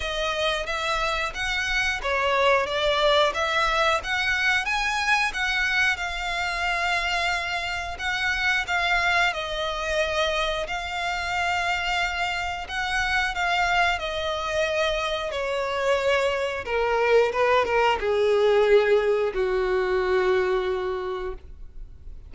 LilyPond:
\new Staff \with { instrumentName = "violin" } { \time 4/4 \tempo 4 = 90 dis''4 e''4 fis''4 cis''4 | d''4 e''4 fis''4 gis''4 | fis''4 f''2. | fis''4 f''4 dis''2 |
f''2. fis''4 | f''4 dis''2 cis''4~ | cis''4 ais'4 b'8 ais'8 gis'4~ | gis'4 fis'2. | }